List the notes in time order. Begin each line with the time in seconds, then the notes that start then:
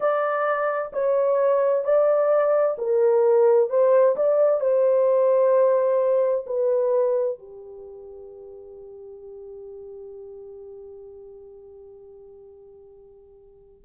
0.00 D5
0.92 C#5
1.84 D5
2.77 A#4
3.69 C5
4.16 D5
4.60 C5
6.46 B4
7.38 G4